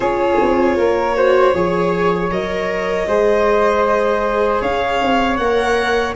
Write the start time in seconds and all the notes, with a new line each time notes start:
0.00 C#4 F4 G#4 C#5
0.41 C4
0.76 A#3 A#4
1.15 F#4 C5
1.54 F3 G#4 C#5
2.31 F#3 A#4 D#5
3.07 G#3 G#4 C5
4.61 C#4 C#5 F5
5.01 C4
5.37 A#3 A#4 F#5